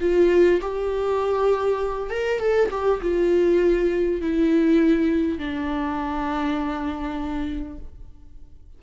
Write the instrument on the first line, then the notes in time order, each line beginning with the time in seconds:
viola
0.00 F4
0.61 G4
2.10 A#4
2.39 A4
2.71 G4
3.01 F4
4.21 E4
5.38 D4